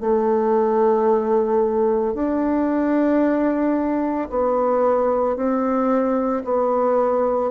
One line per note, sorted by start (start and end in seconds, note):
0.00 2.14 A3
2.14 4.28 D4
4.30 5.36 B3
5.36 6.43 C4
6.44 7.50 B3